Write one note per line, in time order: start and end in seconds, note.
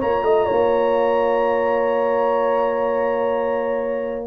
0.00 0.23 A#3
0.00 4.27 F4
0.00 0.24 C#5
0.00 4.27 A#5
0.23 0.47 A3
0.23 0.46 D#5
0.46 4.27 A#3
0.46 4.27 C#5